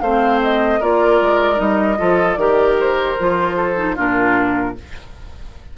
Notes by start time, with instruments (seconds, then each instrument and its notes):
0.00 bassoon A3, clarinet C4, oboe C5, flute F5
0.43 flute D#5
0.80 bassoon A#3, clarinet F4, oboe A#4, flute D5
1.21 bassoon G#3
1.55 bassoon G3, clarinet D#4, flute D#5
1.98 bassoon F3, clarinet F4, oboe A4
2.34 bassoon D#3, clarinet G4, oboe A#4, flute D5
2.79 flute C5
3.19 bassoon F3, clarinet F4
3.56 oboe A4
3.76 clarinet D#4
3.95 bassoon A#2, clarinet D4, oboe F4, flute A#4